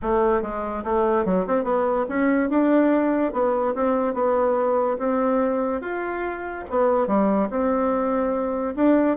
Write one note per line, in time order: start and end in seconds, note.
0.02 0.42 A3
0.42 0.83 G#3
0.83 1.25 A3
1.25 1.46 F#3
1.46 1.64 C4
1.64 2.05 B3
2.09 2.49 C#4
2.49 3.32 D4
3.32 3.74 B3
3.75 4.14 C4
4.14 4.97 B3
4.98 5.81 C4
5.81 6.64 F4
6.70 7.07 B3
7.07 7.48 G3
7.50 8.75 C4
8.75 9.17 D4